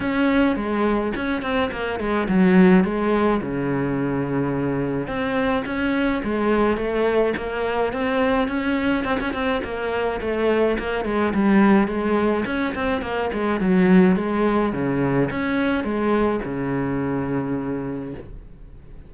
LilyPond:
\new Staff \with { instrumentName = "cello" } { \time 4/4 \tempo 4 = 106 cis'4 gis4 cis'8 c'8 ais8 gis8 | fis4 gis4 cis2~ | cis4 c'4 cis'4 gis4 | a4 ais4 c'4 cis'4 |
c'16 cis'16 c'8 ais4 a4 ais8 gis8 | g4 gis4 cis'8 c'8 ais8 gis8 | fis4 gis4 cis4 cis'4 | gis4 cis2. | }